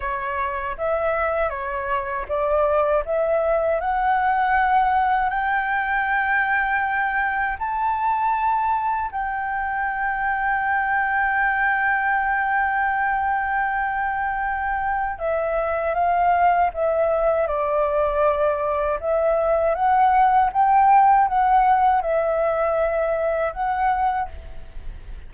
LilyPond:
\new Staff \with { instrumentName = "flute" } { \time 4/4 \tempo 4 = 79 cis''4 e''4 cis''4 d''4 | e''4 fis''2 g''4~ | g''2 a''2 | g''1~ |
g''1 | e''4 f''4 e''4 d''4~ | d''4 e''4 fis''4 g''4 | fis''4 e''2 fis''4 | }